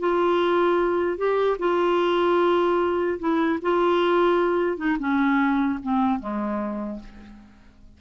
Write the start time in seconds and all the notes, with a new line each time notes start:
0.00 F4
1.18 G4
1.59 F4
3.20 E4
3.62 F4
4.78 D#4
5.00 C#4
5.83 C4
6.20 G#3